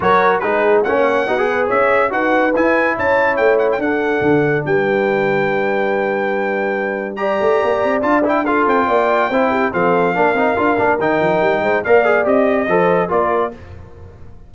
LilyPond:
<<
  \new Staff \with { instrumentName = "trumpet" } { \time 4/4 \tempo 4 = 142 cis''4 b'4 fis''2 | e''4 fis''4 gis''4 a''4 | g''8 fis''16 g''16 fis''2 g''4~ | g''1~ |
g''4 ais''2 a''8 g''8 | f''8 g''2~ g''8 f''4~ | f''2 g''2 | f''4 dis''2 d''4 | }
  \new Staff \with { instrumentName = "horn" } { \time 4/4 ais'4 gis'4 cis''4 fis'8 b'8 | cis''4 b'2 cis''4~ | cis''4 a'2 b'4~ | b'1~ |
b'4 d''2. | a'4 d''4 c''8 g'8 a'4 | ais'2.~ ais'8 c''8 | d''2 c''4 ais'4 | }
  \new Staff \with { instrumentName = "trombone" } { \time 4/4 fis'4 dis'4 cis'4 dis'16 gis'8.~ | gis'4 fis'4 e'2~ | e'4 d'2.~ | d'1~ |
d'4 g'2 f'8 e'8 | f'2 e'4 c'4 | d'8 dis'8 f'8 d'8 dis'2 | ais'8 gis'8 g'4 a'4 f'4 | }
  \new Staff \with { instrumentName = "tuba" } { \time 4/4 fis4 gis4 ais4 b4 | cis'4 dis'4 e'4 cis'4 | a4 d'4 d4 g4~ | g1~ |
g4. a8 ais8 c'8 d'4~ | d'8 c'8 ais4 c'4 f4 | ais8 c'8 d'8 ais8 dis8 f8 g8 gis8 | ais4 c'4 f4 ais4 | }
>>